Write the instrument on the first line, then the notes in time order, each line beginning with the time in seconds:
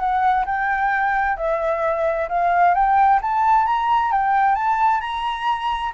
flute
0.00 F#5
0.46 G5
1.37 E5
2.29 F5
2.75 G5
3.22 A5
3.67 A#5
4.12 G5
4.56 A5
5.01 A#5